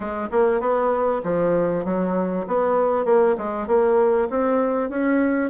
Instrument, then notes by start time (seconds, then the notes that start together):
bassoon
0.00 G#3
0.31 A#3
0.60 B3
1.23 F3
1.85 F#3
2.47 B3
3.05 A#3
3.37 G#3
3.67 A#3
4.30 C4
4.89 C#4